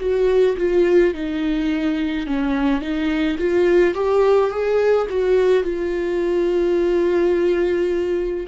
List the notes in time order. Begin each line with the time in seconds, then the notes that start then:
0.00 F#4
0.58 F4
1.14 D#4
2.26 C#4
2.81 D#4
3.38 F4
3.95 G4
4.51 G#4
5.10 F#4
5.64 F4